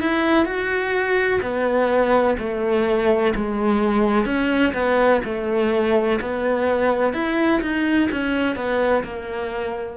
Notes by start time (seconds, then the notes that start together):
0.00 E4
0.45 F#4
1.42 B3
2.39 A3
3.35 G#3
4.25 C#4
4.73 B3
5.24 A3
6.21 B3
7.13 E4
7.61 D#4
8.12 C#4
8.55 B3
9.03 A#3